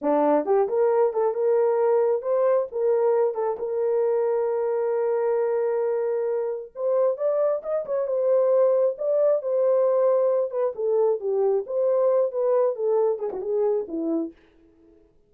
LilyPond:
\new Staff \with { instrumentName = "horn" } { \time 4/4 \tempo 4 = 134 d'4 g'8 ais'4 a'8 ais'4~ | ais'4 c''4 ais'4. a'8 | ais'1~ | ais'2. c''4 |
d''4 dis''8 cis''8 c''2 | d''4 c''2~ c''8 b'8 | a'4 g'4 c''4. b'8~ | b'8 a'4 gis'16 fis'16 gis'4 e'4 | }